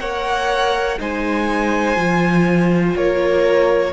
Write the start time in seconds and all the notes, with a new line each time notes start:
0.00 A#3 A#4 C#5 F#5
0.99 G#3 D#4 C5 G#5
1.96 F3 F4
2.96 A#3 A#4 C#5